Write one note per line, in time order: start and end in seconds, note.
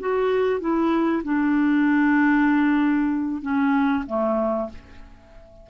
0.00 0.61 F#4
0.61 1.23 E4
1.24 3.42 D4
3.42 4.04 C#4
4.07 4.69 A3